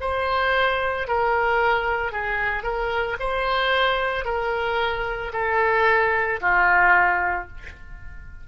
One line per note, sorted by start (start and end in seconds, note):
0.00 1.07 C5
1.07 2.11 A#4
2.11 2.63 G#4
2.63 3.17 A#4
3.19 4.25 C5
4.25 5.32 A#4
5.32 6.39 A4
6.40 7.48 F4